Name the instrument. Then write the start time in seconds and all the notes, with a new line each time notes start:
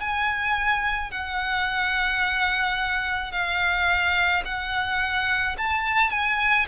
violin
0.00 G#5
1.11 F#5
3.32 F5
4.45 F#5
5.58 A5
6.11 G#5